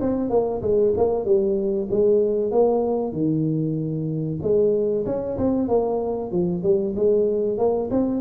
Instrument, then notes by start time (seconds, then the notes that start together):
tuba
0.00 C4
0.30 A#3
0.61 G#3
0.96 A#3
1.25 G3
1.90 G#3
2.51 A#3
3.12 D#3
4.42 G#3
5.05 C#4
5.37 C4
5.68 A#3
6.31 F3
6.63 G3
6.95 G#3
7.58 A#3
7.90 C4